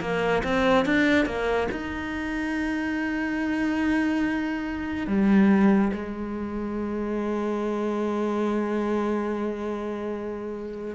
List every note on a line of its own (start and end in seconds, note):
0.00 0.42 A#3
0.43 0.85 C4
0.85 1.26 D4
1.26 1.68 A#3
1.71 5.07 D#4
5.07 5.91 G3
5.93 10.95 G#3